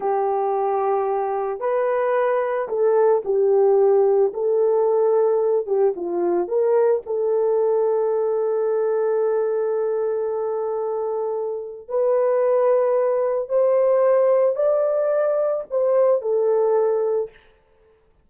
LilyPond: \new Staff \with { instrumentName = "horn" } { \time 4/4 \tempo 4 = 111 g'2. b'4~ | b'4 a'4 g'2 | a'2~ a'8 g'8 f'4 | ais'4 a'2.~ |
a'1~ | a'2 b'2~ | b'4 c''2 d''4~ | d''4 c''4 a'2 | }